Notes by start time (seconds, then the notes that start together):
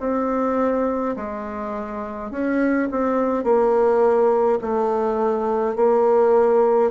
0.00 C4
1.16 G#3
2.31 C#4
2.92 C4
3.44 A#3
4.62 A3
5.76 A#3